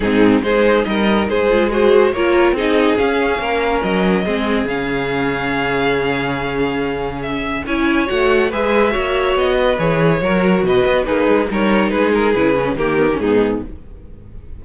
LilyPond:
<<
  \new Staff \with { instrumentName = "violin" } { \time 4/4 \tempo 4 = 141 gis'4 c''4 dis''4 c''4 | gis'4 cis''4 dis''4 f''4~ | f''4 dis''2 f''4~ | f''1~ |
f''4 e''4 gis''4 fis''4 | e''2 dis''4 cis''4~ | cis''4 dis''4 b'4 cis''4 | b'8 ais'8 b'4 ais'4 gis'4 | }
  \new Staff \with { instrumentName = "violin" } { \time 4/4 dis'4 gis'4 ais'4 gis'4 | c''4 ais'4 gis'2 | ais'2 gis'2~ | gis'1~ |
gis'2 cis''2 | b'4 cis''4. b'4. | ais'4 b'4 dis'4 ais'4 | gis'2 g'4 dis'4 | }
  \new Staff \with { instrumentName = "viola" } { \time 4/4 c'4 dis'2~ dis'8 f'8 | fis'4 f'4 dis'4 cis'4~ | cis'2 c'4 cis'4~ | cis'1~ |
cis'2 e'4 fis'4 | gis'4 fis'2 gis'4 | fis'2 gis'4 dis'4~ | dis'4 e'8 cis'8 ais8 b16 cis'16 b4 | }
  \new Staff \with { instrumentName = "cello" } { \time 4/4 gis,4 gis4 g4 gis4~ | gis4 ais4 c'4 cis'4 | ais4 fis4 gis4 cis4~ | cis1~ |
cis2 cis'4 a4 | gis4 ais4 b4 e4 | fis4 b,8 b8 ais8 gis8 g4 | gis4 cis4 dis4 gis,4 | }
>>